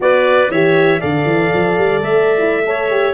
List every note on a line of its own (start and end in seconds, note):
0.00 0.50 B3
0.00 0.50 F#4
0.00 0.51 B4
0.00 0.51 D5
0.50 1.01 E3
0.50 1.00 G4
0.50 1.00 C#5
0.50 1.01 E5
1.00 1.25 D3
1.00 2.38 A4
1.00 2.64 D5
1.00 2.02 F5
1.25 1.50 E3
1.53 1.77 F3
1.77 2.01 G3
2.01 3.14 A3
2.01 3.14 E5
2.38 2.63 E4
2.65 2.90 A4
2.65 3.14 C#5
2.90 3.14 G4